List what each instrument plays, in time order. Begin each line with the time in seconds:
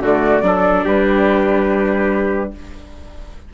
0.00 bassoon D3, viola A3, trumpet F#4, flute D5
0.42 bassoon F#3, viola D4, trumpet A4
0.85 bassoon G3, trumpet G4, flute B4